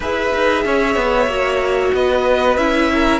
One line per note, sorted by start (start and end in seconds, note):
0.00 0.32 E4
0.00 1.29 G#4
0.00 0.63 B4
0.00 1.94 E5
0.34 0.65 D#4
0.65 0.95 C#4
0.65 1.94 C#5
0.95 1.27 B3
1.27 1.91 A#3
1.27 2.58 F#4
1.94 2.57 B3
1.94 2.92 B4
1.94 2.57 D#5
2.57 3.20 C#4
2.57 3.20 E4
2.57 3.20 E5
2.93 3.20 A#4